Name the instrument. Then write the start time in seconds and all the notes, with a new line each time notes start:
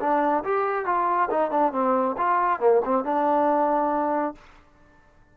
trombone
0.00 D4
0.44 G4
0.86 F4
1.30 D#4
1.51 D4
1.73 C4
2.17 F4
2.60 A#3
2.85 C4
3.04 D4